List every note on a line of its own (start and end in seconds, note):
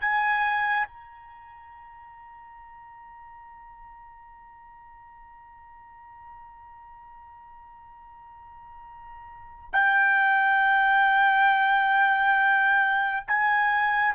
0.00 0.87 G#5
0.87 9.69 A#5
9.73 13.26 G5
13.27 14.14 G#5